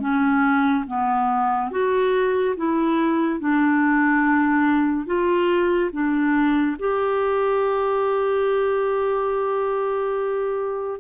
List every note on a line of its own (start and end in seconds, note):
0.00 0.85 C#4
0.87 1.71 B3
1.71 2.55 F#4
2.57 3.40 E4
3.40 5.06 D4
5.06 5.90 F4
5.92 6.76 D4
6.79 11.00 G4